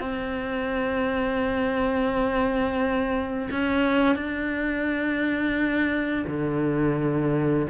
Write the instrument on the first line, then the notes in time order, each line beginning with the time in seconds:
cello
0.00 C4
3.51 C#4
4.16 D4
6.27 D3